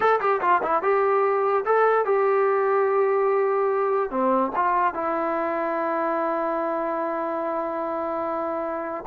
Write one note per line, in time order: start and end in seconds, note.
0.00 0.20 A4
0.20 0.40 G4
0.41 0.61 F4
0.63 0.82 E4
0.82 1.64 G4
1.65 2.05 A4
2.05 4.10 G4
4.10 4.51 C4
4.55 4.94 F4
4.94 9.04 E4